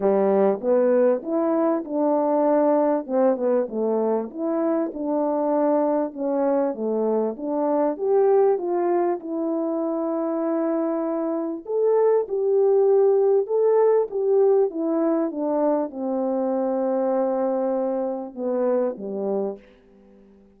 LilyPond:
\new Staff \with { instrumentName = "horn" } { \time 4/4 \tempo 4 = 98 g4 b4 e'4 d'4~ | d'4 c'8 b8 a4 e'4 | d'2 cis'4 a4 | d'4 g'4 f'4 e'4~ |
e'2. a'4 | g'2 a'4 g'4 | e'4 d'4 c'2~ | c'2 b4 g4 | }